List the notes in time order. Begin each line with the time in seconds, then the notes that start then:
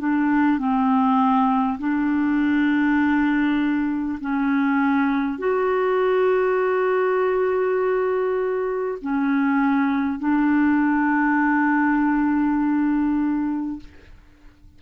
0.00 D4
0.59 C4
1.79 D4
4.21 C#4
5.39 F#4
9.02 C#4
10.20 D4